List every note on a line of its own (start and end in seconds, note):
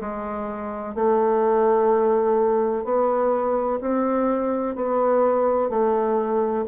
0.00 0.95 G#3
0.95 2.84 A3
2.84 3.80 B3
3.81 4.75 C4
4.75 5.69 B3
5.69 6.65 A3